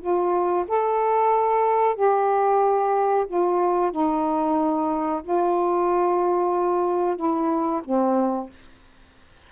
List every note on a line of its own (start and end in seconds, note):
0.00 0.65 F4
0.68 1.95 A4
1.95 3.25 G4
3.27 3.91 F4
3.91 5.21 D#4
5.23 7.16 F4
7.16 7.81 E4
7.84 8.50 C4